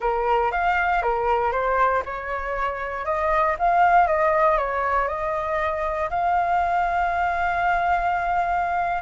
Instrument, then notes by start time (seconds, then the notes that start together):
flute
0.00 A#4
0.51 F5
1.02 A#4
1.52 C5
2.05 C#5
3.05 D#5
3.58 F5
4.07 D#5
4.57 C#5
5.08 D#5
6.10 F5